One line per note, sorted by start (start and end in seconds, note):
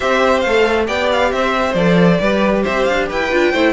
0.00 0.45 C4
0.00 0.44 G4
0.00 0.86 C5
0.00 0.40 E5
0.40 0.88 A3
0.40 0.84 F5
0.46 0.86 A4
0.86 1.32 B3
0.86 1.74 G4
0.86 1.31 D5
0.86 1.09 G5
1.12 1.31 F5
1.31 1.74 C4
1.31 2.20 C5
1.31 1.74 E5
1.74 2.18 F3
1.74 2.21 A4
1.74 2.62 D5
2.20 2.65 G3
2.20 3.31 G4
2.20 2.63 B4
2.63 2.88 C4
2.63 3.07 C5
2.63 2.84 E5
2.84 3.10 D4
2.84 3.06 F5
3.08 3.32 E4
3.08 3.52 B4
3.08 3.73 G5
3.31 3.53 D4
3.31 3.53 F4
3.52 3.73 A3
3.52 3.73 E4
3.52 3.73 C5